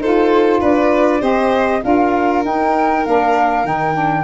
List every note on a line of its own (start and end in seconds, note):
0.00 0.61 D#4
0.00 1.20 F4
0.00 0.60 A4
0.00 0.62 C5
0.60 1.22 D4
0.60 1.21 B4
0.60 1.22 D5
1.20 1.82 C4
1.20 1.80 G4
1.20 1.81 C5
1.20 1.83 D#5
1.83 2.45 D4
1.83 2.43 F4
1.83 4.24 A#4
1.83 2.44 F5
2.44 3.04 D#4
2.44 3.05 D#4
2.44 3.06 G5
3.05 3.65 A#3
3.05 3.65 D4
3.05 3.66 F5
3.65 4.24 D#3
3.65 3.93 D#4
3.65 4.24 G5
3.93 4.24 D4